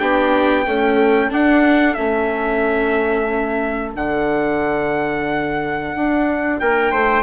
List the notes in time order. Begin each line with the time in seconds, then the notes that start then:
0.00 B3 D4 G4 G5
0.66 A3 C#4 A4
1.31 D4 F#5
1.95 A3 C#4 E5
3.95 D3 D4 F#5
5.96 D4
6.60 A#3 A#4 G5
6.92 A3 C5